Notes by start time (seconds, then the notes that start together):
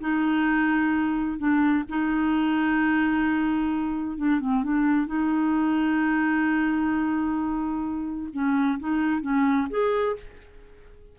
0.00 D#4
1.38 D4
1.89 D#4
4.17 D4
4.40 C4
4.63 D4
5.06 D#4
8.32 C#4
8.79 D#4
9.21 C#4
9.70 G#4